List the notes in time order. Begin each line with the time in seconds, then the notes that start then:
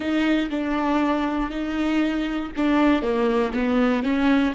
0.00 D#4
0.50 D4
1.50 D#4
2.56 D4
3.02 A#3
3.53 B3
4.03 C#4